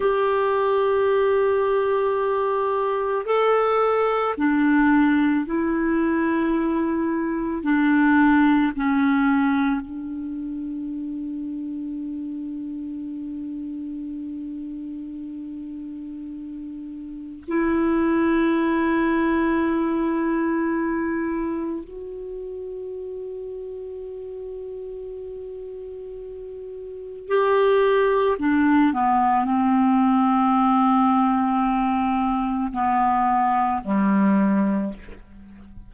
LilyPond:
\new Staff \with { instrumentName = "clarinet" } { \time 4/4 \tempo 4 = 55 g'2. a'4 | d'4 e'2 d'4 | cis'4 d'2.~ | d'1 |
e'1 | fis'1~ | fis'4 g'4 d'8 b8 c'4~ | c'2 b4 g4 | }